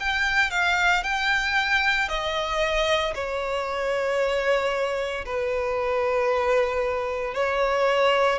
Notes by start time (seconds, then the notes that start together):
0.00 G5
0.51 F5
1.04 G5
2.09 D#5
3.15 C#5
5.25 B4
7.34 C#5